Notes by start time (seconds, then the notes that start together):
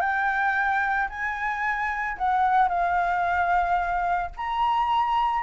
0.00 G5
1.09 G#5
2.17 F#5
2.68 F5
4.37 A#5